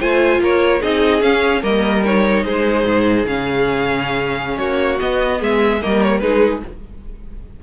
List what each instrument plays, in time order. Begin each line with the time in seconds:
0.00 cello A3, viola F4, violin C5 G#5
0.40 cello A#3, violin A#4 C#5
0.81 cello C4, viola D#4, violin G#4 D#5
1.21 viola C#4, cello C#4, violin F5
1.62 cello G3, viola A#3, violin A#4 D#5
2.05 viola D#4, violin C#5
2.44 cello G#3, violin G#4 C5
2.85 cello G#2
3.26 cello C#3, viola C#4, violin F5
4.58 cello A#3, violin F#4 C#5
4.99 viola B3, cello B3, violin D#5
5.40 cello G#3, violin G#4 E5
5.82 cello G3, viola A#3, violin A#4 D#5
6.03 violin C#5
6.19 cello G#3, viola D#4, violin G#4 B4